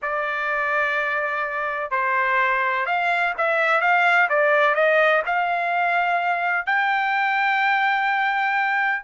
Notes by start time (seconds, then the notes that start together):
0.02 D5
1.90 C5
2.85 F5
3.37 E5
3.81 F5
4.29 D5
4.74 D#5
5.26 F5
6.66 G5